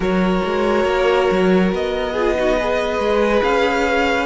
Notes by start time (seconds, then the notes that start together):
0.00 F#3 F#4 A#4 C#5
0.44 G#3
0.85 A#3
1.31 F#3
1.72 B3 D#5
2.12 F4 G#4
2.37 D#4 F#4
2.56 G#4 B4
2.98 G#3
3.43 C#4 F5